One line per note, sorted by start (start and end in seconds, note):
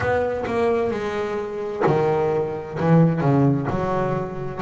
0.00 0.44 B3
0.46 0.90 A#3
0.90 1.83 G#3
1.86 2.79 D#3
2.79 3.21 E3
3.21 3.67 C#3
3.70 4.61 F#3